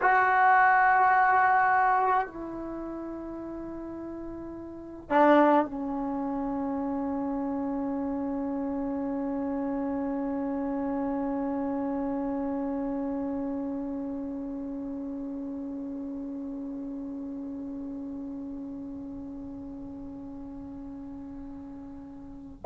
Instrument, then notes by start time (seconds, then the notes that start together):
trombone
0.01 F#4
2.26 E4
5.09 D4
5.64 C#4